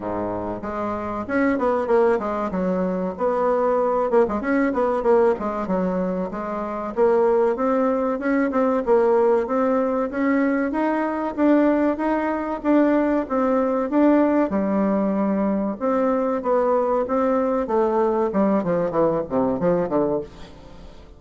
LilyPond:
\new Staff \with { instrumentName = "bassoon" } { \time 4/4 \tempo 4 = 95 gis,4 gis4 cis'8 b8 ais8 gis8 | fis4 b4. ais16 gis16 cis'8 b8 | ais8 gis8 fis4 gis4 ais4 | c'4 cis'8 c'8 ais4 c'4 |
cis'4 dis'4 d'4 dis'4 | d'4 c'4 d'4 g4~ | g4 c'4 b4 c'4 | a4 g8 f8 e8 c8 f8 d8 | }